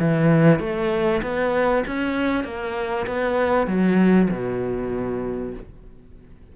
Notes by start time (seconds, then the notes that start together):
0.00 E3
0.60 A3
1.23 B3
1.88 C#4
2.45 A#3
3.07 B3
3.68 F#3
4.31 B2